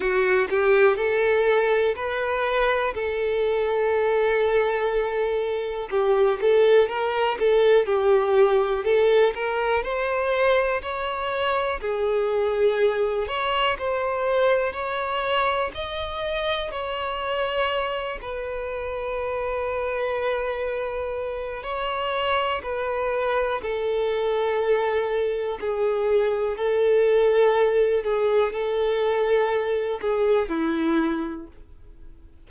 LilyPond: \new Staff \with { instrumentName = "violin" } { \time 4/4 \tempo 4 = 61 fis'8 g'8 a'4 b'4 a'4~ | a'2 g'8 a'8 ais'8 a'8 | g'4 a'8 ais'8 c''4 cis''4 | gis'4. cis''8 c''4 cis''4 |
dis''4 cis''4. b'4.~ | b'2 cis''4 b'4 | a'2 gis'4 a'4~ | a'8 gis'8 a'4. gis'8 e'4 | }